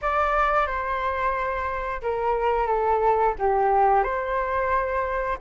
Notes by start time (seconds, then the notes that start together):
0.01 D5
0.66 C5
2.02 A#4
2.67 A4
3.38 G4
4.03 C5